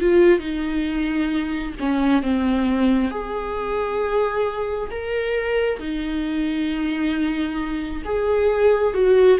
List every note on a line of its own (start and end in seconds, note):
0.00 0.39 F4
0.39 1.74 D#4
1.80 2.22 C#4
2.22 3.11 C4
3.11 4.90 G#4
4.91 5.79 A#4
5.79 8.03 D#4
8.05 8.94 G#4
8.94 9.39 F#4